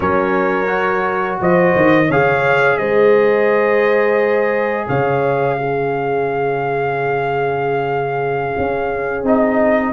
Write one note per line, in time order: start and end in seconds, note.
0.00 1.40 F#3
0.00 0.66 C#4
0.00 1.40 A#4
0.00 1.38 C#5
0.66 2.05 F#4
1.40 1.75 F3
1.40 2.07 C5
1.40 2.11 D#5
1.75 2.10 D#3
2.07 2.78 C#3
2.07 5.58 G#4
2.07 2.76 C#5
2.07 2.77 F5
2.77 4.87 G#3
2.77 4.87 C5
2.77 4.86 D#5
4.87 8.55 C#3
4.87 5.57 C#5
4.87 9.24 F5
5.58 9.24 C#4
5.58 9.93 G#4
8.57 9.22 C#4
9.22 9.92 C4
9.22 9.93 D#4
9.22 9.93 D#5